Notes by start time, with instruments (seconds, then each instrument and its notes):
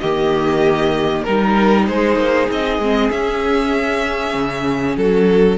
0.00 cello D#3, viola A#3, violin G4 D#5
1.23 cello G3, viola D#4, violin A#4
1.87 cello G#3, violin G#4 C5
2.16 cello A#3
2.50 cello C4, violin D#5
2.79 cello G#3, viola C4
3.11 cello C#4, viola C#4, violin E5
4.35 cello C#3
4.97 cello F#3, violin F#4 A4